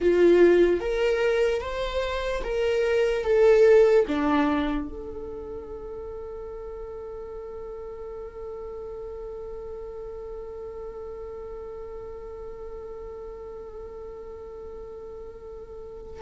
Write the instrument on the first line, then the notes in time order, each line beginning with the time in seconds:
viola
0.00 F4
0.80 A#4
1.61 C5
2.43 A#4
3.24 A4
4.07 D4
4.88 A4